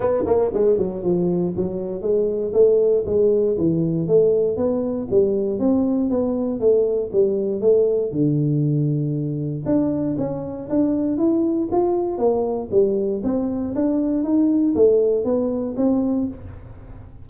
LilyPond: \new Staff \with { instrumentName = "tuba" } { \time 4/4 \tempo 4 = 118 b8 ais8 gis8 fis8 f4 fis4 | gis4 a4 gis4 e4 | a4 b4 g4 c'4 | b4 a4 g4 a4 |
d2. d'4 | cis'4 d'4 e'4 f'4 | ais4 g4 c'4 d'4 | dis'4 a4 b4 c'4 | }